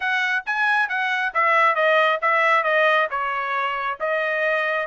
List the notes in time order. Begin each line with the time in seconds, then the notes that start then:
0.00 F#5
0.46 G#5
0.88 F#5
1.34 E5
1.75 D#5
2.21 E5
2.63 D#5
3.10 C#5
3.99 D#5